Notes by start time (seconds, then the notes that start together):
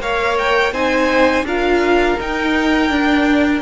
0.00 A#3 A#4 C#5 F5
0.38 G5
0.72 C4 D#4 C5 G#5
1.43 D4 F4 A#4 F5
2.20 D#4 G5
2.90 D4